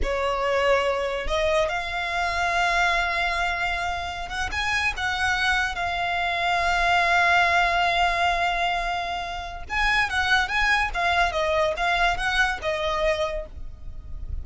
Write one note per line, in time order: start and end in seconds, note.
0.02 1.27 C#5
1.27 1.68 D#5
1.68 4.28 F5
4.28 4.49 F#5
4.51 4.93 G#5
4.96 5.75 F#5
5.75 9.63 F5
9.69 10.09 G#5
10.09 10.48 F#5
10.48 10.90 G#5
10.94 11.32 F5
11.32 11.74 D#5
11.77 12.17 F5
12.17 12.59 F#5
12.62 13.46 D#5